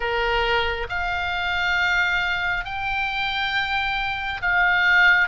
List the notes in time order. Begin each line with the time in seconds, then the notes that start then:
0.00 A#4
0.89 F5
2.64 G5
4.41 F5